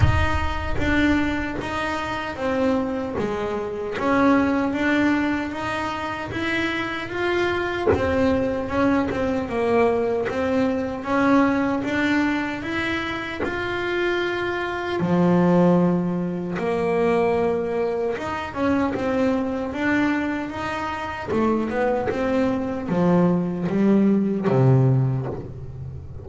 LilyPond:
\new Staff \with { instrumentName = "double bass" } { \time 4/4 \tempo 4 = 76 dis'4 d'4 dis'4 c'4 | gis4 cis'4 d'4 dis'4 | e'4 f'4 c'4 cis'8 c'8 | ais4 c'4 cis'4 d'4 |
e'4 f'2 f4~ | f4 ais2 dis'8 cis'8 | c'4 d'4 dis'4 a8 b8 | c'4 f4 g4 c4 | }